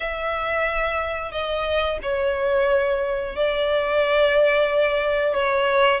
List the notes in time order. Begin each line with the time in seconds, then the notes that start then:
0.00 E5
1.32 D#5
2.02 C#5
3.35 D5
5.34 C#5